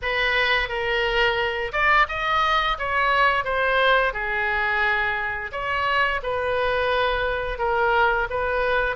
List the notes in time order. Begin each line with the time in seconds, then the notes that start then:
0.02 B4
0.68 A#4
1.72 D5
2.08 D#5
2.78 C#5
3.44 C5
4.13 G#4
5.52 C#5
6.22 B4
7.58 A#4
8.29 B4